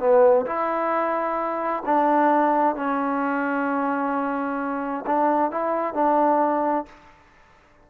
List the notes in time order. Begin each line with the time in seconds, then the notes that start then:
0.00 B3
0.46 E4
1.86 D4
2.76 C#4
5.07 D4
5.51 E4
5.94 D4